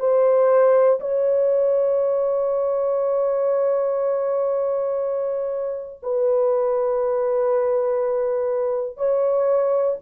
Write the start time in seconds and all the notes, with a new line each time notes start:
0.00 C5
1.00 C#5
6.03 B4
8.97 C#5